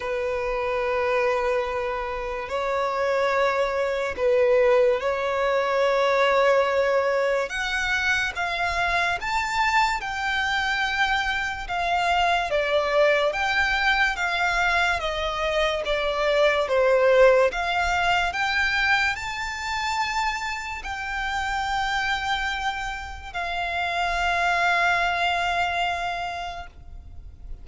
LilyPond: \new Staff \with { instrumentName = "violin" } { \time 4/4 \tempo 4 = 72 b'2. cis''4~ | cis''4 b'4 cis''2~ | cis''4 fis''4 f''4 a''4 | g''2 f''4 d''4 |
g''4 f''4 dis''4 d''4 | c''4 f''4 g''4 a''4~ | a''4 g''2. | f''1 | }